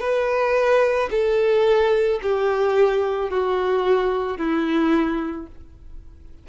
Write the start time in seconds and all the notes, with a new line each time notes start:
0.00 B4
1.11 A4
2.23 G4
3.30 F#4
4.38 E4